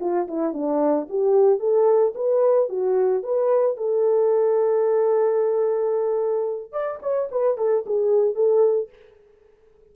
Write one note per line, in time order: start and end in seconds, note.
0.00 0.27 F4
0.28 0.53 E4
0.53 1.07 D4
1.09 1.59 G4
1.59 2.13 A4
2.15 2.69 B4
2.69 3.23 F#4
3.23 3.77 B4
3.77 6.72 A4
6.72 6.99 D5
7.02 7.29 C#5
7.31 7.57 B4
7.57 7.84 A4
7.86 8.35 G#4
8.35 8.89 A4